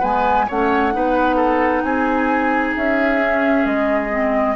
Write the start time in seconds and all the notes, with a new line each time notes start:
0.00 G#3 B3 B4 G#5
0.48 A3 C#4 C#5 F#5
0.93 B3 D#4 B4
1.37 A4
1.83 C4 G#4 G#5
2.77 C#4 E5
3.22 C#4
3.66 G#3 D#5
4.10 C4